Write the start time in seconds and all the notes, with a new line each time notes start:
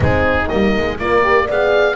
0.00 G#3 C4 D#4 G#4
0.48 G3 A#3 D#5
0.77 G#3
0.99 A#3 F4 A#4 D5
1.23 G4
1.46 B3 G#4 D5 F5